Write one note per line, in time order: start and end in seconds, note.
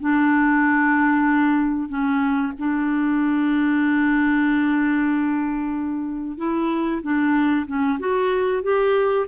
0.00 1.89 D4
1.89 2.53 C#4
2.59 6.38 D4
6.38 7.02 E4
7.02 7.66 D4
7.67 7.99 C#4
7.99 8.63 F#4
8.63 9.27 G4